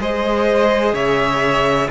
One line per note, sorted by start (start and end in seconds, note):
0.00 0.93 G#3
0.00 1.90 G#4
0.00 0.94 C5
0.00 0.94 D#5
0.93 1.88 C#3
0.93 1.89 C#5
0.93 1.90 E5